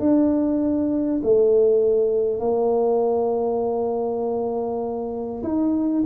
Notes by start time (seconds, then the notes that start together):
0.00 D4
1.23 A3
2.40 A#3
5.43 D#4